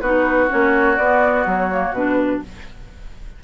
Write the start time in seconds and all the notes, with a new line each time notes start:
0.00 B3 D#4 F#4 B4
0.48 A#3 C#4 C#5
0.97 B3 D5
1.46 F#3 C#5
1.70 A#3
1.91 B2 D4 B4